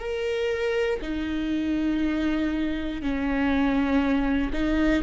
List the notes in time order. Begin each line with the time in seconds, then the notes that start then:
0.00 A#4
1.02 D#4
3.02 C#4
4.53 D#4